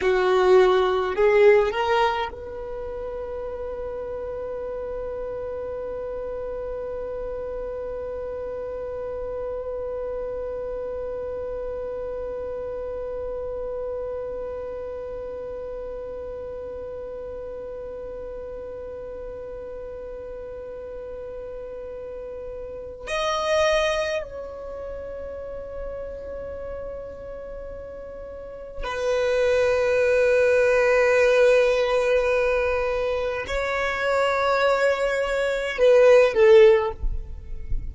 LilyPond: \new Staff \with { instrumentName = "violin" } { \time 4/4 \tempo 4 = 52 fis'4 gis'8 ais'8 b'2~ | b'1~ | b'1~ | b'1~ |
b'1 | dis''4 cis''2.~ | cis''4 b'2.~ | b'4 cis''2 b'8 a'8 | }